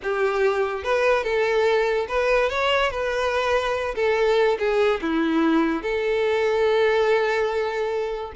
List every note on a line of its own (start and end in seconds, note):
0.02 0.83 G4
0.83 1.23 B4
1.23 2.06 A4
2.08 2.49 B4
2.49 2.90 C#5
2.90 3.95 B4
3.95 4.57 A4
4.59 5.00 G#4
5.01 5.82 E4
5.82 8.32 A4